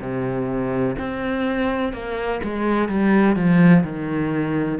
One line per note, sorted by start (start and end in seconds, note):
0.00 0.95 C3
0.98 1.93 C4
1.93 2.40 A#3
2.43 2.88 G#3
2.88 3.35 G3
3.35 3.83 F3
3.83 4.78 D#3